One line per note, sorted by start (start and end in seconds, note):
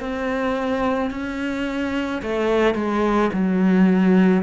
0.00 1.11 C4
1.11 2.22 C#4
2.22 2.75 A3
2.75 3.30 G#3
3.33 4.43 F#3